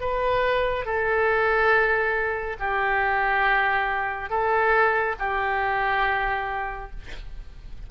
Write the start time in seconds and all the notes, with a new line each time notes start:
0.00 B4
0.85 A4
2.59 G4
4.30 A4
5.19 G4